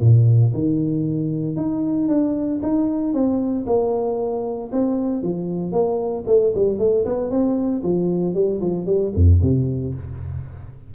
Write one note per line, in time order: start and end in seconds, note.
0.00 0.52 A#2
0.53 1.56 D#3
1.56 2.08 D#4
2.08 2.60 D4
2.62 3.13 D#4
3.13 3.65 C4
3.66 4.70 A#3
4.72 5.22 C4
5.22 5.72 F3
5.72 6.24 A#3
6.27 6.53 A3
6.54 6.78 G3
6.78 7.04 A3
7.05 7.30 B3
7.30 7.82 C4
7.83 8.34 F3
8.34 8.60 G3
8.60 8.86 F3
8.86 9.12 G3
9.14 9.41 F2
9.42 9.94 C3